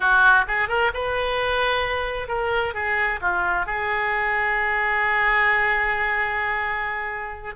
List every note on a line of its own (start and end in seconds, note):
0.00 0.45 F#4
0.47 0.68 G#4
0.68 0.91 A#4
0.93 2.28 B4
2.28 2.74 A#4
2.74 3.20 G#4
3.21 3.66 F4
3.66 7.55 G#4